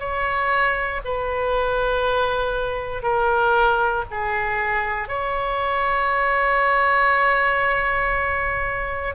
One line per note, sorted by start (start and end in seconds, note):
0.00 1.02 C#5
1.05 3.03 B4
3.03 4.04 A#4
4.11 5.09 G#4
5.09 9.16 C#5